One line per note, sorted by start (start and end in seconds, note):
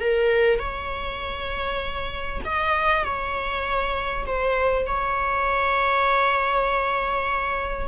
0.00 0.59 A#4
0.59 2.41 C#5
2.44 3.04 D#5
3.04 4.25 C#5
4.26 4.86 C5
4.86 7.88 C#5